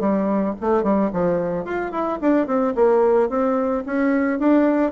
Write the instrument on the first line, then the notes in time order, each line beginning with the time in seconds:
bassoon
0.00 G3
0.61 A3
0.83 G3
1.13 F3
1.65 F4
1.91 E4
2.21 D4
2.47 C4
2.75 A#3
3.29 C4
3.86 C#4
4.39 D4